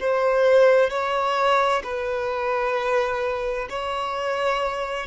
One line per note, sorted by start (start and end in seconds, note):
0.00 0.90 C5
0.90 1.82 C#5
1.83 3.68 B4
3.70 5.06 C#5